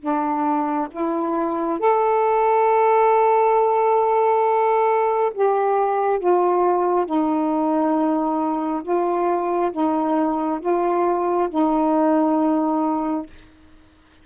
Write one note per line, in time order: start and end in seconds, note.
0.00 0.88 D4
0.91 1.80 E4
1.80 5.33 A4
5.34 6.19 G4
6.19 7.06 F4
7.06 8.83 D#4
8.83 9.71 F4
9.72 10.60 D#4
10.61 11.49 F4
11.50 13.27 D#4